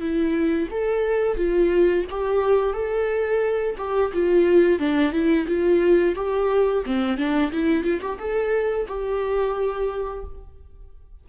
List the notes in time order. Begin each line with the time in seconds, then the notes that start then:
0.00 E4
0.71 A4
1.37 F4
2.10 G4
2.73 A4
3.77 G4
4.13 F4
4.79 D4
5.12 E4
5.47 F4
6.15 G4
6.86 C4
7.17 D4
7.52 E4
7.83 F4
8.01 G4
8.18 A4
8.87 G4